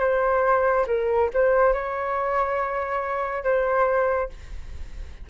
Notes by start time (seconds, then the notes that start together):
0.00 C5
0.87 A#4
1.34 C5
1.73 C#5
3.44 C5